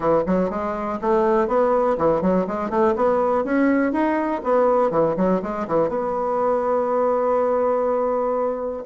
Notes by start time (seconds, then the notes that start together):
0.00 E3
0.26 F#3
0.49 G#3
1.01 A3
1.47 B3
1.97 E3
2.21 F#3
2.47 G#3
2.69 A3
2.96 B3
3.44 C#4
3.92 D#4
4.43 B3
4.90 E3
5.16 F#3
5.42 G#3
5.67 E3
5.88 B3